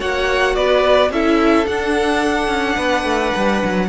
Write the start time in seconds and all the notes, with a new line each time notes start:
0.00 A#3 F#4 C#5 F#5
0.56 B3 B4 D5
1.11 C#4 E4 A4 E5
1.66 D4 F#5
2.49 C#4
2.77 B3 B4
3.05 A3
3.36 G3
3.64 F#3